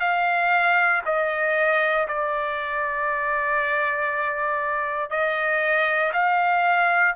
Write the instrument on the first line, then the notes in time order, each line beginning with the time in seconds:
trumpet
0.00 F5
1.05 D#5
2.08 D5
5.10 D#5
6.13 F5